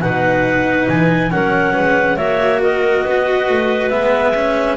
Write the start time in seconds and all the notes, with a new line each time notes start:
0.00 B2 D#4 B4 F#5
0.89 E3 G#5
1.30 F#3 C#4 A#4 F#5
1.74 G#3 B4
2.17 A#3 F#4 C#5 E5
2.61 A#4 D#5
3.04 B3 B4
3.49 A3
3.89 G#3 B3 E5
4.35 C#4